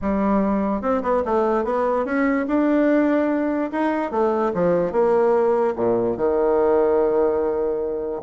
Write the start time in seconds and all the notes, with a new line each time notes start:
0.01 G3
0.81 C4
1.02 B3
1.25 A3
1.64 B3
2.05 C#4
2.47 D4
3.71 D#4
4.11 A3
4.54 F3
4.91 A#3
5.76 A#2
6.16 D#3